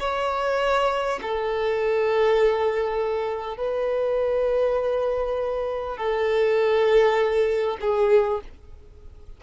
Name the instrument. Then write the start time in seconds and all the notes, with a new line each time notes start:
violin
0.00 C#5
1.22 A4
3.58 B4
5.98 A4
7.82 G#4